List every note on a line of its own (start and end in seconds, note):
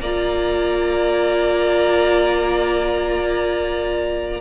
0.00 4.40 A#3
0.00 4.40 F4
0.00 4.40 D5
0.00 4.40 A#5